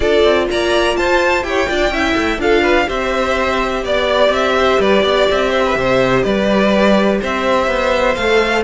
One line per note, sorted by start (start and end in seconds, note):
0.00 0.24 D4
0.00 1.43 F4
0.00 0.46 A4
0.00 0.47 D5
0.24 0.48 C4
0.50 0.97 A#3
0.50 0.97 D5
0.50 0.96 A#5
0.96 1.43 F4
0.96 1.45 C5
0.96 1.43 A5
1.43 1.67 E4
1.43 1.67 G4
1.43 1.69 C#5
1.43 2.39 G5
1.68 1.90 D4
1.68 1.92 F4
1.68 1.92 D5
1.90 2.14 C#4
1.90 2.40 E4
1.90 2.40 E5
2.16 2.38 A3
2.38 2.86 D4
2.38 2.87 F4
2.38 2.61 A4
2.38 2.89 F5
2.61 2.85 B4
2.87 3.85 C4
2.87 8.15 G4
2.87 3.83 C5
2.87 3.85 E5
3.83 4.29 B3
3.83 4.55 D5
3.83 4.33 D5
4.29 4.77 C4
4.29 4.81 E5
4.58 4.80 C5
4.79 5.03 G3
4.79 5.03 B4
4.79 5.29 D5
5.03 5.27 B3
5.03 5.50 D5
5.31 5.75 C4
5.31 6.22 E5
5.50 5.62 C5
5.65 5.77 B4
5.75 6.23 C3
5.75 6.24 C5
6.22 7.21 G3
6.22 7.20 B4
6.22 7.18 D5
7.21 7.67 C4
7.21 8.63 C5
7.21 8.15 E5
7.67 8.15 B3
8.15 8.63 A3
8.15 8.63 A4
8.15 8.63 F5